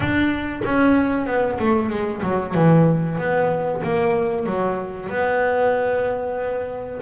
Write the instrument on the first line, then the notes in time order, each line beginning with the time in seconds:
double bass
0.00 D4
0.64 C#4
1.26 B3
1.59 A3
1.89 G#3
2.22 F#3
2.54 E3
3.18 B3
3.83 A#3
4.46 F#3
5.09 B3